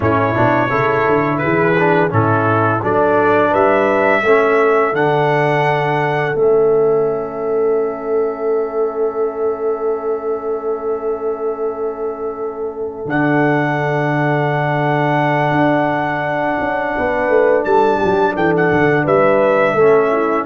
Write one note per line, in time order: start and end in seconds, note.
0.00 0.34 A2
0.00 0.34 C#4
0.00 0.69 E4
0.00 1.37 C#5
0.34 0.71 B2
0.34 0.69 D4
0.69 1.06 C#3
0.69 1.75 E4
0.69 1.39 A4
1.08 1.43 D3
1.37 2.12 E3
1.37 2.13 G#4
1.37 2.08 B4
1.78 2.09 D4
2.09 2.82 A2
2.09 2.80 C#4
2.09 2.82 E4
2.09 2.83 A4
2.82 3.53 F#3
2.82 4.23 D4
2.82 3.50 A4
2.82 3.54 D5
3.50 4.22 G3
3.50 4.21 B4
3.50 4.95 E5
4.22 4.92 A3
4.22 4.93 C#4
4.22 16.96 A4
4.92 6.34 D3
4.92 6.34 D4
4.92 6.35 F#5
6.35 13.05 A3
6.35 13.05 C#4
6.35 13.06 E5
13.05 15.51 D3
13.05 19.78 D4
13.05 17.64 F#5
15.51 16.57 D4
16.60 16.95 C#4
16.96 17.28 B3
16.96 17.64 B4
17.28 17.64 A3
17.64 18.00 G3
17.64 17.97 A4
17.64 18.35 A5
17.97 18.33 G4
18.04 18.36 F#3
18.35 18.71 E3
18.35 19.04 A4
18.35 18.54 G5
18.56 19.06 F#5
18.71 19.05 D3
19.04 19.74 G3
19.04 19.74 B4
19.04 20.45 E5
19.74 20.44 A3
19.74 20.45 C#4
19.74 20.09 A4
20.11 20.45 E4